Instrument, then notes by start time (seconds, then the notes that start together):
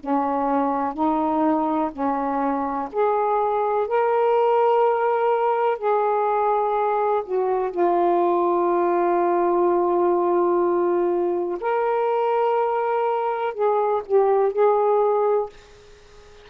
saxophone
0.00 C#4
0.94 D#4
1.93 C#4
2.93 G#4
3.88 A#4
5.78 G#4
7.25 F#4
7.71 F4
11.61 A#4
13.54 G#4
14.06 G4
14.53 G#4